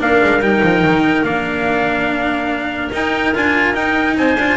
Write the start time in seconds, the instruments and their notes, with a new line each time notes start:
0.00 double bass A#3, cello D4, clarinet A#4, trumpet F5
0.24 double bass G#3
0.40 double bass G3, cello D#4, trumpet G5
0.63 double bass F3
0.84 double bass D#3
1.23 double bass A#3, cello D4, trumpet F5
2.92 double bass D#4, cello D#4, trumpet G5
3.35 double bass D4, cello F4, trumpet G#5
3.74 cello D#4, double bass D#4, trumpet G5
4.16 double bass C4, clarinet C5, trumpet G#5
4.38 double bass D4, cello F4